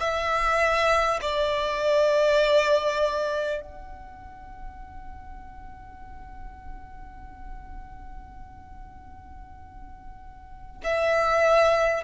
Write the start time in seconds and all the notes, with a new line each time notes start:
0.00 E5
1.22 D5
3.62 F#5
10.84 E5